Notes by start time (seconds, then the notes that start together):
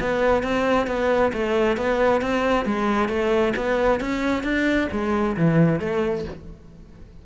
0.00 B3
0.43 C4
0.87 B3
1.33 A3
1.77 B3
2.21 C4
2.65 G#3
3.09 A3
3.56 B3
4.00 C#4
4.43 D4
4.91 G#3
5.36 E3
5.80 A3